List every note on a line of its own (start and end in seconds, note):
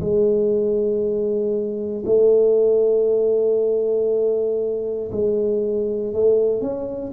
0.00 2.03 G#3
2.05 5.10 A3
5.11 6.13 G#3
6.13 6.61 A3
6.61 7.12 C#4